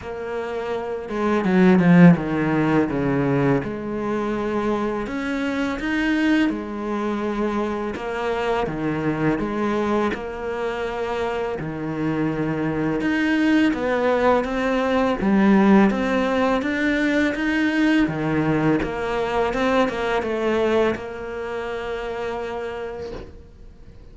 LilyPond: \new Staff \with { instrumentName = "cello" } { \time 4/4 \tempo 4 = 83 ais4. gis8 fis8 f8 dis4 | cis4 gis2 cis'4 | dis'4 gis2 ais4 | dis4 gis4 ais2 |
dis2 dis'4 b4 | c'4 g4 c'4 d'4 | dis'4 dis4 ais4 c'8 ais8 | a4 ais2. | }